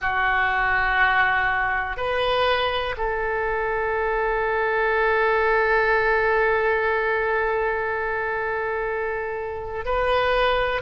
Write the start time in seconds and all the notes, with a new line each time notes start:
0.01 F#4
1.97 B4
2.97 A4
9.85 B4